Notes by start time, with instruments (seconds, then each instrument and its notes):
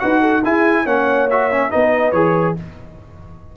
0.00 tuba D#4, trombone F#4, horn B4, trumpet F#5
0.21 horn A4
0.44 trombone E4, tuba E4, horn G#4, trumpet G#5
0.83 tuba A#3, trombone C#4, horn C#5, trumpet F#5
1.30 trombone F#4, trumpet E5
1.51 trombone C#4
1.71 tuba B3, trombone D#4, horn B4, trumpet D#5
2.12 tuba E3, trombone G#4, trumpet C#5